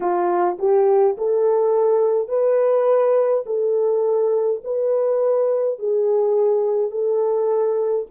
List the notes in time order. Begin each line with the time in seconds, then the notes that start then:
0.00 F4
0.58 G4
1.17 A4
2.28 B4
3.46 A4
4.64 B4
5.78 G#4
6.90 A4